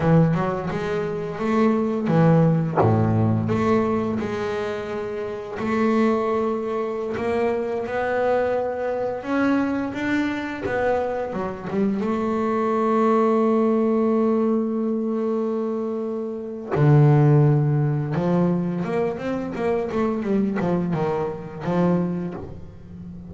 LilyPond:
\new Staff \with { instrumentName = "double bass" } { \time 4/4 \tempo 4 = 86 e8 fis8 gis4 a4 e4 | a,4 a4 gis2 | a2~ a16 ais4 b8.~ | b4~ b16 cis'4 d'4 b8.~ |
b16 fis8 g8 a2~ a8.~ | a1 | d2 f4 ais8 c'8 | ais8 a8 g8 f8 dis4 f4 | }